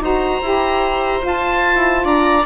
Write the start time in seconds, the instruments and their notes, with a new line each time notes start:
0.00 bassoon D#4, saxophone F#4, viola C5, oboe A#5
0.41 bassoon E4, saxophone G4
1.20 saxophone F4
1.26 bassoon F4, oboe A5
1.75 bassoon E4
2.04 bassoon D4, viola D5, oboe A#5